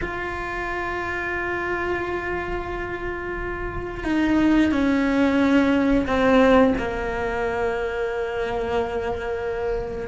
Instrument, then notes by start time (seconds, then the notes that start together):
cello
0.01 F4
4.04 D#4
4.71 C#4
6.06 C4
6.78 A#3